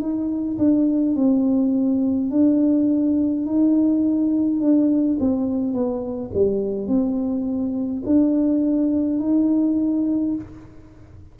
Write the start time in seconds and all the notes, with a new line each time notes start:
0.00 D#4
0.58 D4
1.15 C4
2.31 D4
3.46 D#4
4.60 D4
5.20 C4
5.73 B3
6.34 G3
6.88 C4
8.06 D4
9.19 D#4